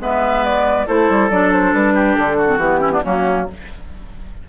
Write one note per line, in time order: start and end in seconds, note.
0.00 0.86 G#3
0.00 0.87 B3
0.00 0.87 B4
0.00 0.44 E5
0.44 0.88 D5
0.87 1.10 A3
0.87 1.31 E4
0.87 1.95 A4
0.87 1.30 C5
1.10 1.30 G3
1.30 1.74 F#3
1.30 2.48 D4
1.30 1.52 D5
1.53 1.74 C5
1.74 2.17 G3
1.74 2.16 B4
1.95 2.37 G4
2.16 2.57 D3
2.16 2.59 A4
2.37 2.81 F#4
2.48 2.59 C4
2.57 3.01 E3
2.57 2.81 B3
2.57 3.02 G4
2.81 2.92 C#4
2.81 2.92 E4
2.92 3.02 B3
2.92 3.03 D4
3.04 3.49 F#3
3.04 3.48 A#3
3.04 3.47 C#4
3.04 3.48 F#4